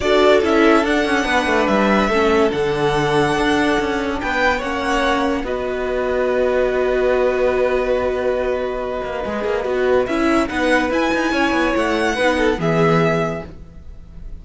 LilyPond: <<
  \new Staff \with { instrumentName = "violin" } { \time 4/4 \tempo 4 = 143 d''4 e''4 fis''2 | e''2 fis''2~ | fis''2 g''4 fis''4~ | fis''4 dis''2.~ |
dis''1~ | dis''1 | e''4 fis''4 gis''2 | fis''2 e''2 | }
  \new Staff \with { instrumentName = "violin" } { \time 4/4 a'2. b'4~ | b'4 a'2.~ | a'2 b'4 cis''4~ | cis''4 b'2.~ |
b'1~ | b'1~ | b'8 ais'8 b'2 cis''4~ | cis''4 b'8 a'8 gis'2 | }
  \new Staff \with { instrumentName = "viola" } { \time 4/4 fis'4 e'4 d'2~ | d'4 cis'4 d'2~ | d'2. cis'4~ | cis'4 fis'2.~ |
fis'1~ | fis'2 gis'4 fis'4 | e'4 dis'4 e'2~ | e'4 dis'4 b2 | }
  \new Staff \with { instrumentName = "cello" } { \time 4/4 d'4 cis'4 d'8 cis'8 b8 a8 | g4 a4 d2 | d'4 cis'4 b4 ais4~ | ais4 b2.~ |
b1~ | b4. ais8 gis8 ais8 b4 | cis'4 b4 e'8 dis'8 cis'8 b8 | a4 b4 e2 | }
>>